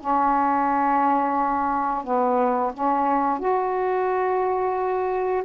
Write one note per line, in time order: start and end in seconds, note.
0.00 2.05 C#4
2.05 2.73 B3
2.74 3.39 C#4
3.39 5.44 F#4